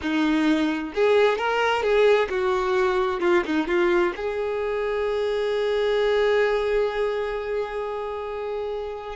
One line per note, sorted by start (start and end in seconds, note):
0.01 0.93 D#4
0.94 1.38 G#4
1.38 1.82 A#4
1.82 2.28 G#4
2.29 3.20 F#4
3.20 3.43 F4
3.45 3.67 D#4
3.67 4.13 F4
4.16 9.16 G#4